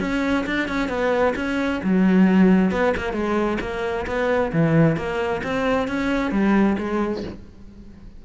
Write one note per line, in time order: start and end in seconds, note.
0.00 0.45 C#4
0.46 0.68 D4
0.68 0.89 C#4
0.89 1.34 B3
1.36 1.81 C#4
1.83 2.71 F#3
2.71 2.94 B3
2.97 3.13 A#3
3.13 3.58 G#3
3.60 4.06 A#3
4.06 4.52 B3
4.52 4.96 E3
4.96 5.42 A#3
5.43 5.88 C4
5.88 6.31 C#4
6.31 6.76 G3
6.78 7.23 G#3